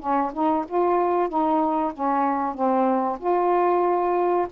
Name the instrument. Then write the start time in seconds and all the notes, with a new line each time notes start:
saxophone
0.00 C#4
0.33 D#4
0.68 F4
1.29 D#4
1.94 C#4
2.54 C4
3.20 F4